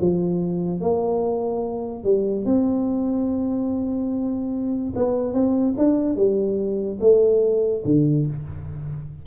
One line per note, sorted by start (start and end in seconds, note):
0.00 0.81 F3
0.81 2.04 A#3
2.04 2.45 G3
2.45 4.94 C4
4.95 5.33 B3
5.33 5.75 C4
5.78 6.16 D4
6.16 6.99 G3
7.00 7.83 A3
7.85 8.26 D3